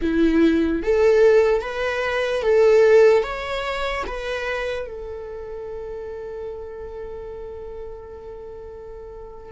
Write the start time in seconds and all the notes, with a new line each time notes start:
0.01 E4
0.83 A4
1.61 B4
2.42 A4
3.22 C#5
4.07 B4
4.86 A4